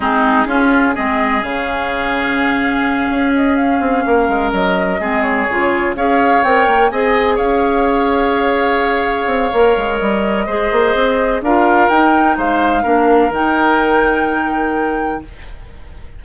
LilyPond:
<<
  \new Staff \with { instrumentName = "flute" } { \time 4/4 \tempo 4 = 126 gis'2 dis''4 f''4~ | f''2. dis''8 f''8~ | f''4. dis''4. cis''4~ | cis''8 f''4 g''4 gis''4 f''8~ |
f''1~ | f''4 dis''2. | f''4 g''4 f''2 | g''1 | }
  \new Staff \with { instrumentName = "oboe" } { \time 4/4 dis'4 f'4 gis'2~ | gis'1~ | gis'8 ais'2 gis'4.~ | gis'8 cis''2 dis''4 cis''8~ |
cis''1~ | cis''2 c''2 | ais'2 c''4 ais'4~ | ais'1 | }
  \new Staff \with { instrumentName = "clarinet" } { \time 4/4 c'4 cis'4 c'4 cis'4~ | cis'1~ | cis'2~ cis'8 c'4 f'8~ | f'8 gis'4 ais'4 gis'4.~ |
gis'1 | ais'2 gis'2 | f'4 dis'2 d'4 | dis'1 | }
  \new Staff \with { instrumentName = "bassoon" } { \time 4/4 gis4 cis'4 gis4 cis4~ | cis2~ cis8 cis'4. | c'8 ais8 gis8 fis4 gis4 cis8~ | cis8 cis'4 c'8 ais8 c'4 cis'8~ |
cis'2.~ cis'8 c'8 | ais8 gis8 g4 gis8 ais8 c'4 | d'4 dis'4 gis4 ais4 | dis1 | }
>>